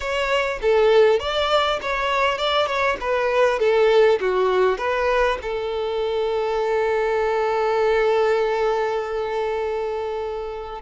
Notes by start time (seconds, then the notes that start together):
0.00 C#5
0.61 A4
1.19 D5
1.81 C#5
2.38 D5
2.66 C#5
3.00 B4
3.59 A4
4.20 F#4
4.78 B4
5.42 A4